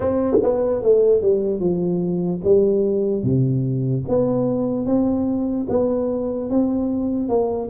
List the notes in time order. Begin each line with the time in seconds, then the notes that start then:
0.00 C4
0.42 B3
0.82 A3
1.21 G3
1.59 F3
2.44 G3
3.22 C3
4.08 B3
4.85 C4
5.69 B3
6.50 C4
7.29 A#3